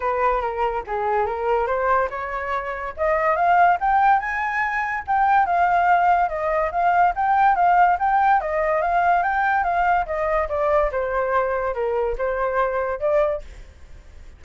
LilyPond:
\new Staff \with { instrumentName = "flute" } { \time 4/4 \tempo 4 = 143 b'4 ais'4 gis'4 ais'4 | c''4 cis''2 dis''4 | f''4 g''4 gis''2 | g''4 f''2 dis''4 |
f''4 g''4 f''4 g''4 | dis''4 f''4 g''4 f''4 | dis''4 d''4 c''2 | ais'4 c''2 d''4 | }